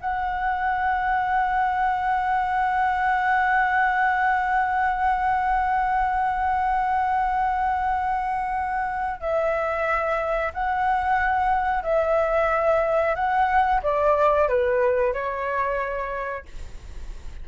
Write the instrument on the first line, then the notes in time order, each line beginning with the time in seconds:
flute
0.00 F#5
9.20 E5
10.53 F#5
11.83 E5
13.15 F#5
13.82 D5
14.48 B4
15.13 C#5